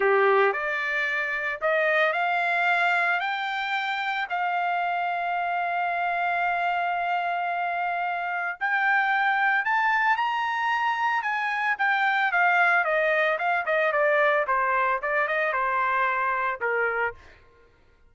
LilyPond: \new Staff \with { instrumentName = "trumpet" } { \time 4/4 \tempo 4 = 112 g'4 d''2 dis''4 | f''2 g''2 | f''1~ | f''1 |
g''2 a''4 ais''4~ | ais''4 gis''4 g''4 f''4 | dis''4 f''8 dis''8 d''4 c''4 | d''8 dis''8 c''2 ais'4 | }